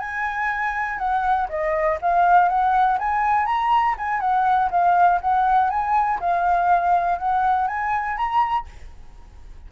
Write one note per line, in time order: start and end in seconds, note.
0.00 0.99 G#5
0.99 1.49 F#5
1.49 1.99 D#5
2.02 2.49 F5
2.49 2.99 F#5
2.99 3.46 G#5
3.46 3.96 A#5
3.98 4.21 G#5
4.21 4.70 F#5
4.71 5.20 F5
5.21 5.70 F#5
5.70 6.20 G#5
6.20 7.19 F5
7.19 7.68 F#5
7.68 8.18 G#5
8.18 8.67 A#5